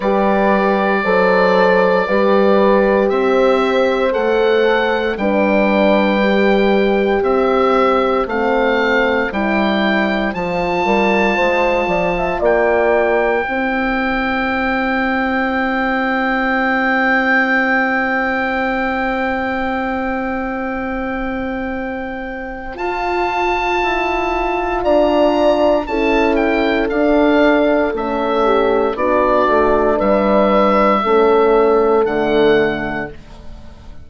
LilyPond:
<<
  \new Staff \with { instrumentName = "oboe" } { \time 4/4 \tempo 4 = 58 d''2. e''4 | fis''4 g''2 e''4 | f''4 g''4 a''2 | g''1~ |
g''1~ | g''2 a''2 | ais''4 a''8 g''8 f''4 e''4 | d''4 e''2 fis''4 | }
  \new Staff \with { instrumentName = "horn" } { \time 4/4 b'4 c''4 b'4 c''4~ | c''4 b'2 c''4~ | c''2~ c''8 ais'8 c''8 d''16 e''16 | d''4 c''2.~ |
c''1~ | c''1 | d''4 a'2~ a'8 g'8 | fis'4 b'4 a'2 | }
  \new Staff \with { instrumentName = "horn" } { \time 4/4 g'4 a'4 g'2 | a'4 d'4 g'2 | c'4 e'4 f'2~ | f'4 e'2.~ |
e'1~ | e'2 f'2~ | f'4 e'4 d'4 cis'4 | d'2 cis'4 a4 | }
  \new Staff \with { instrumentName = "bassoon" } { \time 4/4 g4 fis4 g4 c'4 | a4 g2 c'4 | a4 g4 f8 g8 gis8 f8 | ais4 c'2.~ |
c'1~ | c'2 f'4 e'4 | d'4 cis'4 d'4 a4 | b8 a8 g4 a4 d4 | }
>>